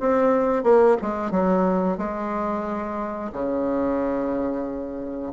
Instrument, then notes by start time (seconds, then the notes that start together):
bassoon
0.00 C4
0.64 A#3
1.02 G#3
1.31 F#3
1.98 G#3
3.32 C#3